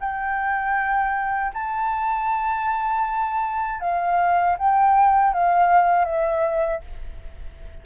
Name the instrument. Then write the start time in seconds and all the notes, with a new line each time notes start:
flute
0.00 G5
1.54 A5
3.81 F5
4.58 G5
5.33 F5
6.05 E5